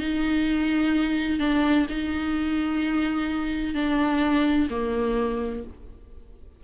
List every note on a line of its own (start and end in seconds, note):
0.00 1.39 D#4
1.39 1.86 D4
1.90 3.75 D#4
3.75 4.68 D4
4.70 5.64 A#3